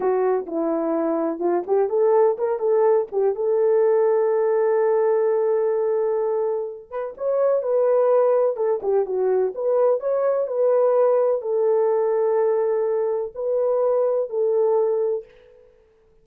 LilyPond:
\new Staff \with { instrumentName = "horn" } { \time 4/4 \tempo 4 = 126 fis'4 e'2 f'8 g'8 | a'4 ais'8 a'4 g'8 a'4~ | a'1~ | a'2~ a'8 b'8 cis''4 |
b'2 a'8 g'8 fis'4 | b'4 cis''4 b'2 | a'1 | b'2 a'2 | }